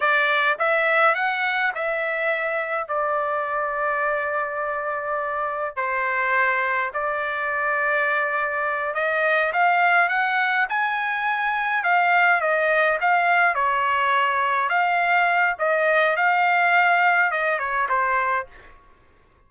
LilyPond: \new Staff \with { instrumentName = "trumpet" } { \time 4/4 \tempo 4 = 104 d''4 e''4 fis''4 e''4~ | e''4 d''2.~ | d''2 c''2 | d''2.~ d''8 dis''8~ |
dis''8 f''4 fis''4 gis''4.~ | gis''8 f''4 dis''4 f''4 cis''8~ | cis''4. f''4. dis''4 | f''2 dis''8 cis''8 c''4 | }